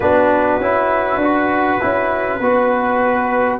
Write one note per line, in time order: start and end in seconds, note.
0.00 0.59 B3
0.00 0.61 D4
0.00 2.39 F#4
0.00 3.58 B4
0.59 1.16 C#4
0.59 1.21 E4
1.16 1.76 D4
1.16 1.80 F#4
1.80 2.40 C#4
1.80 2.41 E4
2.39 3.59 B3
2.39 3.59 F#4
2.39 3.59 B4